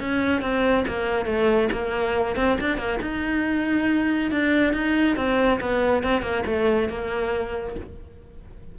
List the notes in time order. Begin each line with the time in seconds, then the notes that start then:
0.00 C#4
0.42 C4
0.88 A#3
1.26 A3
1.72 A#3
2.36 C4
2.60 D4
2.78 A#3
3.02 D#4
4.31 D4
4.73 D#4
5.16 C4
5.60 B3
6.03 C4
6.22 A#3
6.46 A3
6.89 A#3